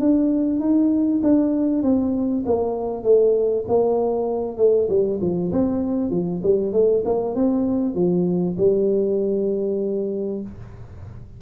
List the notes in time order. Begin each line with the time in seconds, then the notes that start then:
0.00 D4
0.60 D#4
1.23 D4
1.83 C4
2.46 A#3
3.04 A3
3.68 A#3
4.58 A3
4.89 G3
5.21 F3
5.52 C4
6.11 F3
6.43 G3
6.73 A3
7.05 A#3
7.35 C4
7.95 F3
8.58 G3